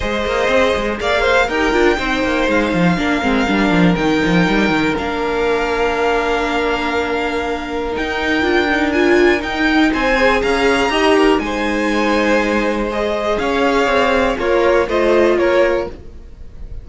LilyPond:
<<
  \new Staff \with { instrumentName = "violin" } { \time 4/4 \tempo 4 = 121 dis''2 f''4 g''4~ | g''4 f''2. | g''2 f''2~ | f''1 |
g''2 gis''4 g''4 | gis''4 ais''2 gis''4~ | gis''2 dis''4 f''4~ | f''4 cis''4 dis''4 cis''4 | }
  \new Staff \with { instrumentName = "violin" } { \time 4/4 c''2 d''8 c''8 ais'4 | c''2 ais'2~ | ais'1~ | ais'1~ |
ais'1 | c''4 f''4 dis''8 ais'8 c''4~ | c''2. cis''4~ | cis''4 f'4 c''4 ais'4 | }
  \new Staff \with { instrumentName = "viola" } { \time 4/4 gis'2. g'8 f'8 | dis'2 d'8 c'8 d'4 | dis'2 d'2~ | d'1 |
dis'4 f'8 dis'8 f'4 dis'4~ | dis'8 gis'4. g'4 dis'4~ | dis'2 gis'2~ | gis'4 ais'4 f'2 | }
  \new Staff \with { instrumentName = "cello" } { \time 4/4 gis8 ais8 c'8 gis8 ais4 dis'8 d'8 | c'8 ais8 gis8 f8 ais8 gis8 g8 f8 | dis8 f8 g8 dis8 ais2~ | ais1 |
dis'4 d'2 dis'4 | c'4 cis'4 dis'4 gis4~ | gis2. cis'4 | c'4 ais4 a4 ais4 | }
>>